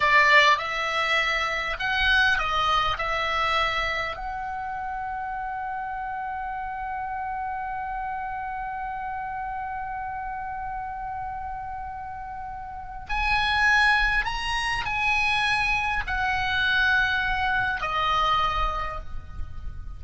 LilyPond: \new Staff \with { instrumentName = "oboe" } { \time 4/4 \tempo 4 = 101 d''4 e''2 fis''4 | dis''4 e''2 fis''4~ | fis''1~ | fis''1~ |
fis''1~ | fis''2 gis''2 | ais''4 gis''2 fis''4~ | fis''2 dis''2 | }